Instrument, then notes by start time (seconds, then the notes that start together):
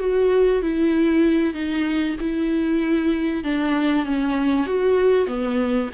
viola
0.00 F#4
0.63 E4
1.54 D#4
2.21 E4
3.44 D4
4.06 C#4
4.67 F#4
5.28 B3